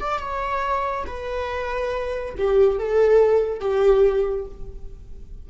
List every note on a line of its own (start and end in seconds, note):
0.00 0.19 D5
0.19 1.05 C#5
1.06 2.35 B4
2.37 2.79 G4
2.79 3.60 A4
3.60 4.46 G4